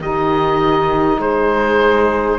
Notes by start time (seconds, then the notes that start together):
0.00 D#3 D#4 G4 D#5
1.18 G#3 G#4 C5